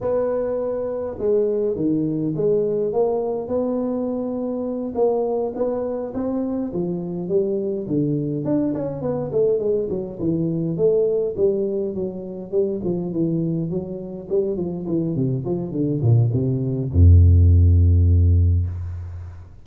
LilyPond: \new Staff \with { instrumentName = "tuba" } { \time 4/4 \tempo 4 = 103 b2 gis4 dis4 | gis4 ais4 b2~ | b8 ais4 b4 c'4 f8~ | f8 g4 d4 d'8 cis'8 b8 |
a8 gis8 fis8 e4 a4 g8~ | g8 fis4 g8 f8 e4 fis8~ | fis8 g8 f8 e8 c8 f8 d8 ais,8 | c4 f,2. | }